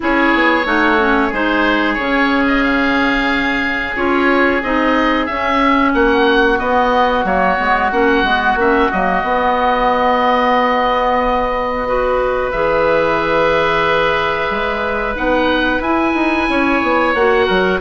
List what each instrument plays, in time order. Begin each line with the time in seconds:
0.00 bassoon C#4, clarinet E4, oboe G#4 C#5
0.34 bassoon B3
0.65 bassoon A3, clarinet D#4, oboe F#4
0.98 clarinet C#4
1.28 bassoon G#3, clarinet D#4, oboe G#4 C5
1.94 bassoon C#3, clarinet C#4, oboe C#5
2.47 oboe D#5
2.63 oboe F5
3.95 bassoon C#4, clarinet F4, oboe C#5
4.62 bassoon C4, clarinet D#4, oboe D#5
5.25 clarinet C#4, bassoon C#4, oboe E5
5.93 bassoon A#3, oboe F#4 F#5
6.59 clarinet B3, bassoon B3, oboe D#5
7.24 bassoon F#3, clarinet A#3, oboe C#5
7.57 bassoon G#3, clarinet B3
7.91 bassoon A#3, clarinet C#4, oboe F#5
8.23 bassoon G#3, clarinet B3
8.55 bassoon A#3, clarinet C#4, oboe E5
8.91 bassoon F#3, clarinet A#3, oboe D#5
9.23 bassoon B3, clarinet B3
11.86 clarinet F#4, oboe B4
12.51 bassoon E3, clarinet G#4, oboe E5
14.50 bassoon G#3
15.15 bassoon B3, clarinet D#4, oboe F#5
15.79 bassoon E4, clarinet E4, oboe G#5
16.14 bassoon D#4
16.48 bassoon C#4, oboe C#5
16.82 bassoon B3
17.14 bassoon A#3, clarinet F#4, oboe F#5
17.46 bassoon F#3, oboe A#4